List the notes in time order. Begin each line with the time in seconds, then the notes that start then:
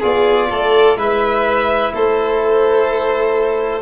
0.00 B3 F4 G#4 D5
0.50 A3 A4
0.96 G#3 E4 B4 E5
1.93 A3 A4 C5